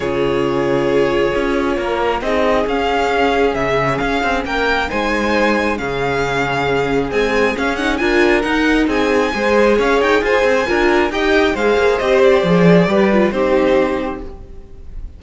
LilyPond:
<<
  \new Staff \with { instrumentName = "violin" } { \time 4/4 \tempo 4 = 135 cis''1~ | cis''4 dis''4 f''2 | e''4 f''4 g''4 gis''4~ | gis''4 f''2. |
gis''4 f''8 fis''8 gis''4 fis''4 | gis''2 f''8 g''8 gis''4~ | gis''4 g''4 f''4 dis''8 d''8~ | d''2 c''2 | }
  \new Staff \with { instrumentName = "violin" } { \time 4/4 gis'1 | ais'4 gis'2.~ | gis'2 ais'4 c''4~ | c''4 gis'2.~ |
gis'2 ais'2 | gis'4 c''4 cis''4 c''4 | ais'4 dis''4 c''2~ | c''4 b'4 g'2 | }
  \new Staff \with { instrumentName = "viola" } { \time 4/4 f'1~ | f'4 dis'4 cis'2~ | cis'2. dis'4~ | dis'4 cis'2. |
gis4 cis'8 dis'8 f'4 dis'4~ | dis'4 gis'2. | f'4 g'4 gis'4 g'4 | gis'4 g'8 f'8 dis'2 | }
  \new Staff \with { instrumentName = "cello" } { \time 4/4 cis2. cis'4 | ais4 c'4 cis'2 | cis4 cis'8 c'8 ais4 gis4~ | gis4 cis2. |
c'4 cis'4 d'4 dis'4 | c'4 gis4 cis'8 dis'8 f'8 c'8 | d'4 dis'4 gis8 ais8 c'4 | f4 g4 c'2 | }
>>